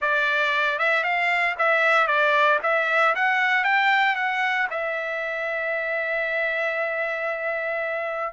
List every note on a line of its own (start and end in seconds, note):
0.01 0.78 D5
0.78 1.03 E5
1.03 1.55 F5
1.58 2.07 E5
2.07 2.59 D5
2.62 3.14 E5
3.15 3.64 F#5
3.64 4.15 G5
4.15 4.67 F#5
4.70 8.33 E5